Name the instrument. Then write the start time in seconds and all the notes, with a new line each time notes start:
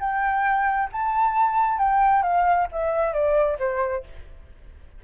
flute
0.00 G5
0.92 A5
1.78 G5
2.23 F5
2.72 E5
3.13 D5
3.59 C5